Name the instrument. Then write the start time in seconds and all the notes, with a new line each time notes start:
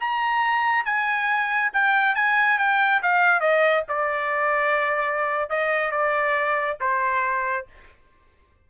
trumpet
0.00 A#5
0.85 G#5
1.73 G5
2.15 G#5
2.58 G5
3.02 F5
3.40 D#5
3.88 D5
5.50 D#5
5.91 D5
6.80 C5